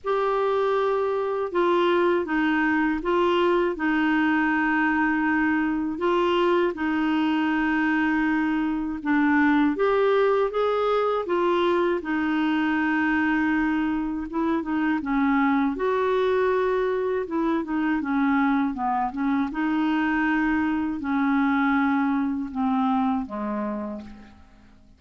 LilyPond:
\new Staff \with { instrumentName = "clarinet" } { \time 4/4 \tempo 4 = 80 g'2 f'4 dis'4 | f'4 dis'2. | f'4 dis'2. | d'4 g'4 gis'4 f'4 |
dis'2. e'8 dis'8 | cis'4 fis'2 e'8 dis'8 | cis'4 b8 cis'8 dis'2 | cis'2 c'4 gis4 | }